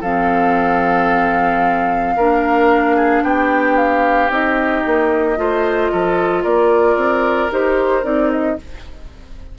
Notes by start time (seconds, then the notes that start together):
0.00 F3 C4 A4 F5
2.16 A#3 D4 A#4
2.96 G#4
3.22 B3 G4 G5
3.77 F5
4.29 C4 D#4 D#5
4.85 A#3
5.36 A3 F4 C5
5.92 F3 A4
6.43 A#3 A#4 D5
6.96 C4
7.51 D#4 G4 C5
8.02 C4 D#4 D5
8.31 D#5